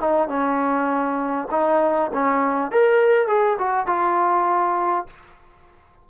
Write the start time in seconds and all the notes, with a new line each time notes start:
0.00 D#4
0.28 C#4
1.51 D#4
2.13 C#4
2.71 A#4
3.27 G#4
3.58 F#4
3.86 F4